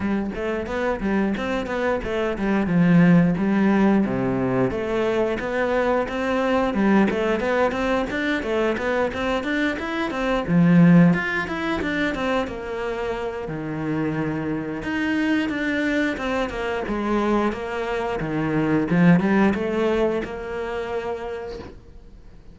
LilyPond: \new Staff \with { instrumentName = "cello" } { \time 4/4 \tempo 4 = 89 g8 a8 b8 g8 c'8 b8 a8 g8 | f4 g4 c4 a4 | b4 c'4 g8 a8 b8 c'8 | d'8 a8 b8 c'8 d'8 e'8 c'8 f8~ |
f8 f'8 e'8 d'8 c'8 ais4. | dis2 dis'4 d'4 | c'8 ais8 gis4 ais4 dis4 | f8 g8 a4 ais2 | }